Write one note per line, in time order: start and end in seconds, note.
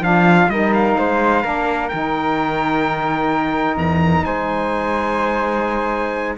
0.00 0.47 F3
0.00 0.49 D4
0.00 0.52 F4
0.00 0.50 F5
0.49 0.95 G3
0.49 1.43 D#4
0.49 0.98 A#4
0.49 0.73 D#5
0.74 1.89 F5
0.98 1.44 G#3
0.98 1.42 C5
1.42 1.91 A#3
1.42 1.90 D4
1.42 4.24 A#4
1.89 3.77 D#3
1.89 6.37 D#4
1.89 3.76 G5
3.77 4.24 E2
3.77 4.25 A#5
4.25 6.38 G#3
4.25 6.36 C5
4.25 6.36 G#5